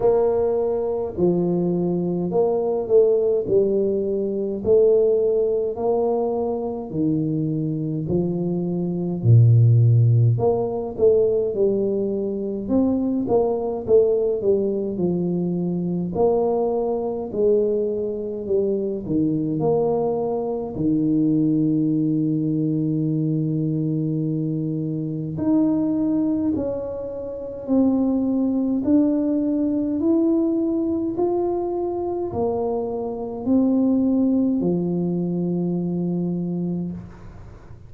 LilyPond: \new Staff \with { instrumentName = "tuba" } { \time 4/4 \tempo 4 = 52 ais4 f4 ais8 a8 g4 | a4 ais4 dis4 f4 | ais,4 ais8 a8 g4 c'8 ais8 | a8 g8 f4 ais4 gis4 |
g8 dis8 ais4 dis2~ | dis2 dis'4 cis'4 | c'4 d'4 e'4 f'4 | ais4 c'4 f2 | }